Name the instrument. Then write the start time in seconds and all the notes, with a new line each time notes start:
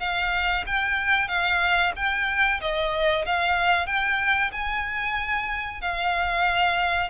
violin
0.00 F5
0.67 G5
1.28 F5
1.96 G5
2.61 D#5
3.26 F5
3.87 G5
4.52 G#5
5.81 F5